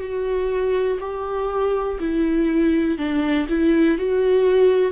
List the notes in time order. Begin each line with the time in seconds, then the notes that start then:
0.00 F#4
1.00 G4
1.99 E4
2.98 D4
3.49 E4
3.98 F#4